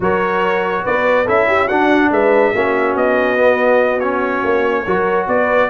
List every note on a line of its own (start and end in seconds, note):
0.00 0.84 F#3
0.00 1.26 F#4
0.00 0.84 A#4
0.00 0.85 C#5
0.84 1.28 B3
0.84 1.25 B4
0.84 1.28 D5
1.25 1.70 C#4
1.25 1.69 E4
1.25 1.46 A4
1.25 1.68 E5
1.47 1.66 G4
1.66 2.10 D4
1.66 2.54 D4
1.66 2.08 F#4
1.66 2.10 F#5
2.10 2.53 G#3
2.10 2.52 B4
2.10 2.96 E5
2.52 2.95 A#3
2.52 3.37 C#4
2.52 4.84 F#4
2.95 4.43 B3
2.95 4.00 D#5
3.37 4.00 B3
4.00 4.85 C#4
4.00 5.26 C#5
4.43 4.85 A#3
4.85 5.27 F#3
4.85 5.70 F#4
4.85 5.27 A#4
5.27 5.69 B3
5.27 5.70 B4
5.27 5.70 D5